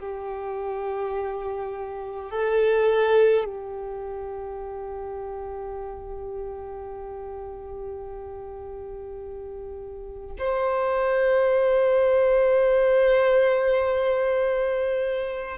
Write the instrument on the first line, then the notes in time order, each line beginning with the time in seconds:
violin
0.00 G4
2.31 A4
3.45 G4
10.38 C5